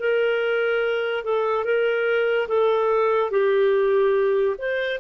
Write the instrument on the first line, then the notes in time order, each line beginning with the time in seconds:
clarinet
0.00 A#4
1.25 A4
1.65 A#4
2.48 A4
3.31 G4
4.58 C5